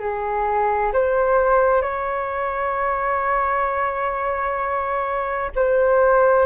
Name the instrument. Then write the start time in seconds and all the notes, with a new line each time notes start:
flute
0.00 G#4
0.93 C5
1.82 C#5
5.56 C5